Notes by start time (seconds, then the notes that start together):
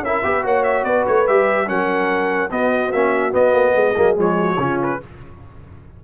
0.00 C#4 E4 A#4 E5
0.23 B3 G4 B4
0.41 A#3 F#4 C#5 F#5
0.63 E5
0.83 B3 B4 D5
1.06 A3 C#5
1.27 G3 G4 E5
1.66 F#3 C#4 A#4 F#5
2.50 B3 F#4 D#5
2.92 A#3 C#4 E5
3.32 B3 D#5
3.53 A#3
3.74 G#3 G#4
3.96 F#3 A#3
4.15 F3 G#3 C#5
4.39 F#4
4.57 C#3 C#4 F4
4.83 B4